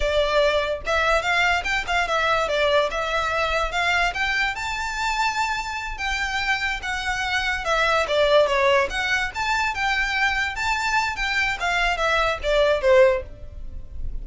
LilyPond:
\new Staff \with { instrumentName = "violin" } { \time 4/4 \tempo 4 = 145 d''2 e''4 f''4 | g''8 f''8 e''4 d''4 e''4~ | e''4 f''4 g''4 a''4~ | a''2~ a''8 g''4.~ |
g''8 fis''2 e''4 d''8~ | d''8 cis''4 fis''4 a''4 g''8~ | g''4. a''4. g''4 | f''4 e''4 d''4 c''4 | }